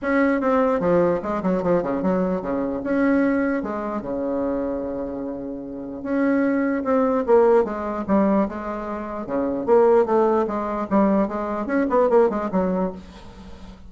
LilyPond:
\new Staff \with { instrumentName = "bassoon" } { \time 4/4 \tempo 4 = 149 cis'4 c'4 f4 gis8 fis8 | f8 cis8 fis4 cis4 cis'4~ | cis'4 gis4 cis2~ | cis2. cis'4~ |
cis'4 c'4 ais4 gis4 | g4 gis2 cis4 | ais4 a4 gis4 g4 | gis4 cis'8 b8 ais8 gis8 fis4 | }